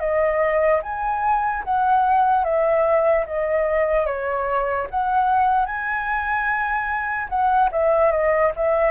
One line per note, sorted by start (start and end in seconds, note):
0.00 0.81 D#5
0.83 1.64 G#5
1.64 2.44 F#5
2.44 3.25 E5
3.26 4.06 D#5
4.06 4.87 C#5
4.91 5.66 F#5
5.66 7.28 G#5
7.29 7.70 F#5
7.72 8.12 E5
8.12 8.52 D#5
8.56 8.92 E5